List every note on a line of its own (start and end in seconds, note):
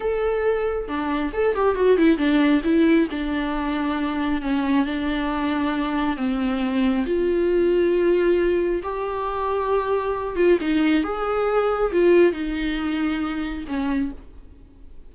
0.00 0.87 A4
0.88 1.32 D4
1.33 1.55 A4
1.55 1.75 G4
1.75 1.97 F#4
1.97 2.17 E4
2.17 2.61 D4
2.64 3.08 E4
3.10 4.41 D4
4.41 4.85 C#4
4.85 6.16 D4
6.16 7.05 C4
7.05 8.82 F4
8.82 10.36 G4
10.36 10.58 F4
10.60 11.03 D#4
11.03 11.92 G#4
11.92 12.32 F4
12.32 13.64 D#4
13.67 14.11 C#4